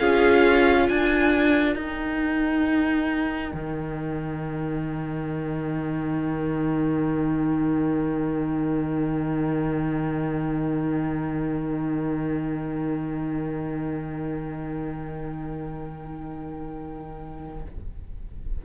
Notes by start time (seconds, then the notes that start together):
0.00 C#4 F4 G#4 F5
0.88 D4 A#4 G#5
1.76 D#4 G5
3.54 D#3